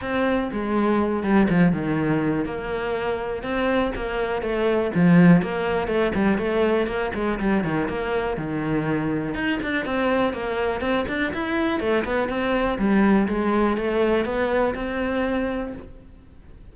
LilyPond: \new Staff \with { instrumentName = "cello" } { \time 4/4 \tempo 4 = 122 c'4 gis4. g8 f8 dis8~ | dis4 ais2 c'4 | ais4 a4 f4 ais4 | a8 g8 a4 ais8 gis8 g8 dis8 |
ais4 dis2 dis'8 d'8 | c'4 ais4 c'8 d'8 e'4 | a8 b8 c'4 g4 gis4 | a4 b4 c'2 | }